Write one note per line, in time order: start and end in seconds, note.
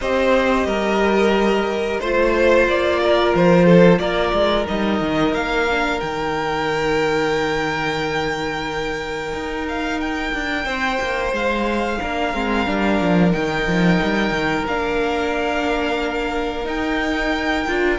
0.01 0.66 C4
0.01 2.01 G4
0.01 0.67 C5
0.01 2.00 D#5
0.66 1.99 G3
0.66 2.00 A#4
2.00 2.67 A3
2.00 4.66 F4
2.00 2.66 C5
2.00 3.00 C5
2.67 3.33 A#3
2.67 3.34 D5
3.03 3.65 A#4
3.34 3.99 F3
3.34 3.98 C5
3.65 3.99 A4
3.98 4.32 A#3
3.98 10.65 A#4
3.98 4.65 D5
4.32 4.66 G#3
4.66 5.00 G3
4.66 5.66 D#4
4.66 5.33 D#5
5.00 5.32 D#3
5.32 5.99 A#3
5.32 5.99 F5
5.70 6.01 D4
5.99 9.32 D#3
5.99 12.00 D#4
5.99 9.66 G5
9.32 10.32 D#4
9.68 10.00 F5
10.00 11.33 G5
10.33 10.65 D4
10.65 10.98 C4
10.65 11.98 C5
11.00 11.32 A#3
11.32 11.98 G#3
11.32 13.32 F5
12.00 12.33 A#3
12.00 12.33 D4
12.00 17.98 A#4
12.33 12.67 G#3
12.33 12.66 C4
12.66 13.00 G3
12.66 13.32 D4
13.00 13.33 F3
13.32 13.66 D#3
13.32 14.66 D#4
13.32 14.65 G5
13.66 14.00 F3
14.02 14.30 G3
14.30 14.63 D#3
14.66 16.65 A#3
14.66 16.64 D4
14.66 16.67 F5
16.64 17.64 D#4
16.64 17.65 D#4
16.64 17.98 G5
17.67 17.98 D4
17.67 17.98 F4